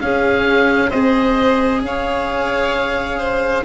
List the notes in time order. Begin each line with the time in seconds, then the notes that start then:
0.00 C#4 G#4 F5
0.89 C4 G#4 C5 D#5
1.81 C#4 C#5 F5
3.19 C5